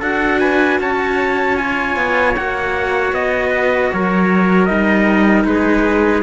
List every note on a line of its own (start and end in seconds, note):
0.00 0.80 D4
0.00 1.57 F#4
0.00 0.39 A4
0.00 0.40 F#5
0.40 0.79 B4
0.40 0.79 G#5
0.80 1.96 C#4
0.80 3.49 C#5
0.80 1.57 A5
1.57 2.35 F4
1.57 2.35 G#5
1.96 2.35 B3
2.36 3.12 A#3
2.36 4.68 F#4
2.36 3.14 F#5
3.12 3.90 B3
3.12 3.92 D#5
3.49 3.88 B4
3.92 4.69 F#3
3.92 5.49 A#4
3.92 4.66 C#5
4.66 5.44 G3
4.66 6.22 D#4
4.66 5.44 D#5
5.44 6.22 G#3
5.44 6.22 G#4
5.44 6.22 B4